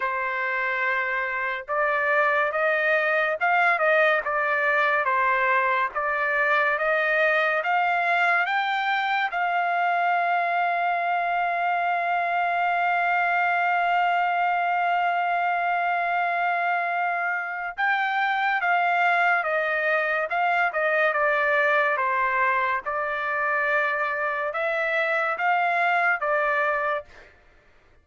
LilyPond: \new Staff \with { instrumentName = "trumpet" } { \time 4/4 \tempo 4 = 71 c''2 d''4 dis''4 | f''8 dis''8 d''4 c''4 d''4 | dis''4 f''4 g''4 f''4~ | f''1~ |
f''1~ | f''4 g''4 f''4 dis''4 | f''8 dis''8 d''4 c''4 d''4~ | d''4 e''4 f''4 d''4 | }